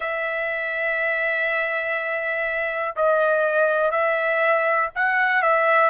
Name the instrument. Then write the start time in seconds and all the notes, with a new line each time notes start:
trumpet
0.00 E5
2.96 D#5
3.91 E5
4.95 F#5
5.42 E5